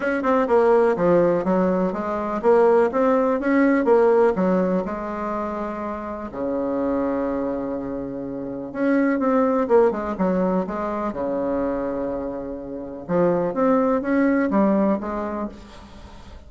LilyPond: \new Staff \with { instrumentName = "bassoon" } { \time 4/4 \tempo 4 = 124 cis'8 c'8 ais4 f4 fis4 | gis4 ais4 c'4 cis'4 | ais4 fis4 gis2~ | gis4 cis2.~ |
cis2 cis'4 c'4 | ais8 gis8 fis4 gis4 cis4~ | cis2. f4 | c'4 cis'4 g4 gis4 | }